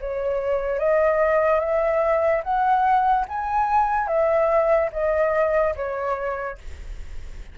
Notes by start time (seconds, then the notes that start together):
0.00 C#5
0.79 D#5
1.60 E5
2.43 F#5
3.28 G#5
4.07 E5
4.92 D#5
5.75 C#5